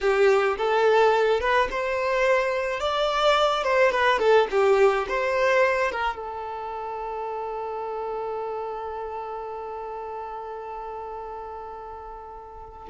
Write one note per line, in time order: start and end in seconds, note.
0.01 0.57 G4
0.57 1.40 A4
1.40 1.68 B4
1.71 2.79 C5
2.79 3.63 D5
3.63 3.91 C5
3.91 4.19 B4
4.19 4.47 A4
4.50 5.06 G4
5.08 5.91 C5
5.91 6.16 A#4
6.16 12.88 A4